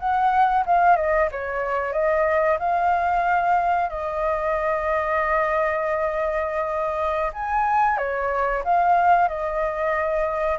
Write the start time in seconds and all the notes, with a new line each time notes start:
0.00 F#5
0.66 F5
0.97 D#5
1.32 C#5
1.93 D#5
2.59 F5
3.90 D#5
7.33 G#5
7.98 C#5
8.64 F5
9.28 D#5